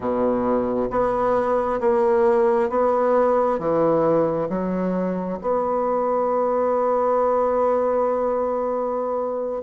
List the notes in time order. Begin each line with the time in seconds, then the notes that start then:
0.00 B2
0.90 B3
1.80 A#3
2.69 B3
3.58 E3
4.49 F#3
5.41 B3